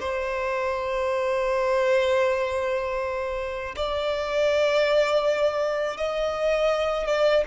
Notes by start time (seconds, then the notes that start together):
0.00 C5
3.76 D5
5.97 D#5
7.07 D5